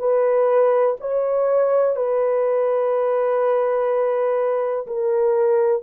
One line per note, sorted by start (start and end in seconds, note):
0.00 0.97 B4
1.01 1.97 C#5
1.97 4.87 B4
4.87 5.83 A#4